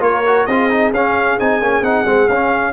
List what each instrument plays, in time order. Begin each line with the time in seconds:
0.00 tuba A#3, trombone F4, horn A#4, trumpet C#5
0.27 trombone F#4
0.46 tuba C4, trombone F4, horn G#4, trumpet D#5
0.70 trombone D#4
0.92 tuba C#4, trombone C#4, trumpet F5
1.40 tuba C4, trombone D#4, trumpet G#5
1.62 tuba A#3, trombone C#4
1.82 tuba C4, trombone D#4, trumpet F#5
2.06 tuba G#3, trombone C4
2.28 tuba C#4, trombone C#4, trumpet F5